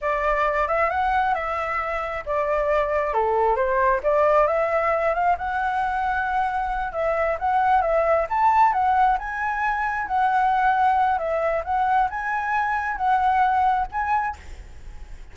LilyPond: \new Staff \with { instrumentName = "flute" } { \time 4/4 \tempo 4 = 134 d''4. e''8 fis''4 e''4~ | e''4 d''2 a'4 | c''4 d''4 e''4. f''8 | fis''2.~ fis''8 e''8~ |
e''8 fis''4 e''4 a''4 fis''8~ | fis''8 gis''2 fis''4.~ | fis''4 e''4 fis''4 gis''4~ | gis''4 fis''2 gis''4 | }